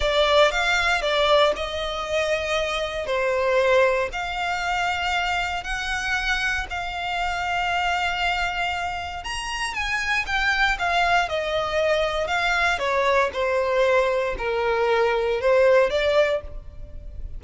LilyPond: \new Staff \with { instrumentName = "violin" } { \time 4/4 \tempo 4 = 117 d''4 f''4 d''4 dis''4~ | dis''2 c''2 | f''2. fis''4~ | fis''4 f''2.~ |
f''2 ais''4 gis''4 | g''4 f''4 dis''2 | f''4 cis''4 c''2 | ais'2 c''4 d''4 | }